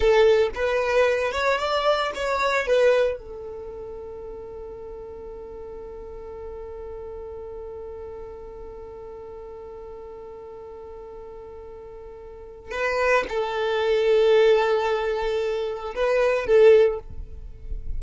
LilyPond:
\new Staff \with { instrumentName = "violin" } { \time 4/4 \tempo 4 = 113 a'4 b'4. cis''8 d''4 | cis''4 b'4 a'2~ | a'1~ | a'1~ |
a'1~ | a'1 | b'4 a'2.~ | a'2 b'4 a'4 | }